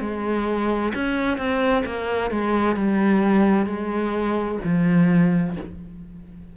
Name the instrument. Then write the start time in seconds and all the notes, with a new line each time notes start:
cello
0.00 G#3
0.94 C#4
1.37 C4
1.85 A#3
2.30 G#3
2.76 G3
3.65 G#3
4.64 F3